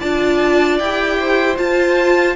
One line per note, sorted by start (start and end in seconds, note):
0.00 0.80 D4
0.00 0.81 F4
0.00 1.17 D5
0.00 0.78 A5
0.79 1.58 E4
0.79 1.56 G4
0.79 1.57 G5
1.20 2.36 C5
1.56 2.34 F4
1.56 2.36 F4
1.56 2.36 A5